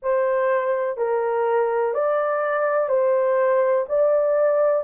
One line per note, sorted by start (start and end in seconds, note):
0.02 0.97 C5
0.97 1.94 A#4
1.94 2.88 D5
2.88 3.85 C5
3.88 4.84 D5